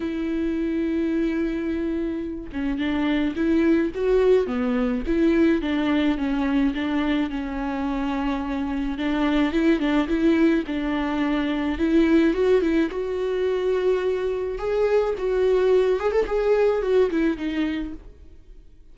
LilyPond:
\new Staff \with { instrumentName = "viola" } { \time 4/4 \tempo 4 = 107 e'1~ | e'8 cis'8 d'4 e'4 fis'4 | b4 e'4 d'4 cis'4 | d'4 cis'2. |
d'4 e'8 d'8 e'4 d'4~ | d'4 e'4 fis'8 e'8 fis'4~ | fis'2 gis'4 fis'4~ | fis'8 gis'16 a'16 gis'4 fis'8 e'8 dis'4 | }